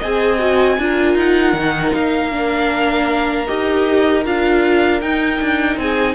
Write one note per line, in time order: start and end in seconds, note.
0.00 0.79 C4
0.00 0.39 G#4
0.00 0.77 D#5
0.00 1.18 G#5
0.39 0.78 F#4
0.79 1.15 D4
0.79 1.57 F4
0.79 5.81 A#4
1.15 1.54 D#4
1.15 1.95 F#5
1.54 1.92 D#3
1.54 2.31 D#4
1.95 3.48 A#3
1.95 3.47 F5
2.31 3.47 D4
3.47 4.26 D#4
3.47 4.25 G4
3.47 4.24 D#5
4.25 5.02 D4
4.25 5.02 F4
4.25 5.01 F5
5.01 5.41 D#4
5.01 6.16 D#4
5.01 5.78 G5
5.42 5.77 D4
5.77 6.15 C4
5.77 6.16 G#4
5.77 6.16 G#5